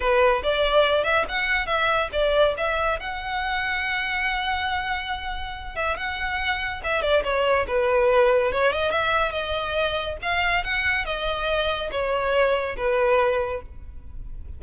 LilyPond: \new Staff \with { instrumentName = "violin" } { \time 4/4 \tempo 4 = 141 b'4 d''4. e''8 fis''4 | e''4 d''4 e''4 fis''4~ | fis''1~ | fis''4. e''8 fis''2 |
e''8 d''8 cis''4 b'2 | cis''8 dis''8 e''4 dis''2 | f''4 fis''4 dis''2 | cis''2 b'2 | }